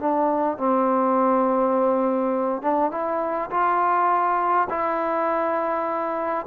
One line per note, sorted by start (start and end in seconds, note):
0.00 0.58 D4
0.58 2.62 C4
2.62 2.92 D4
2.92 3.51 E4
3.51 4.68 F4
4.70 6.46 E4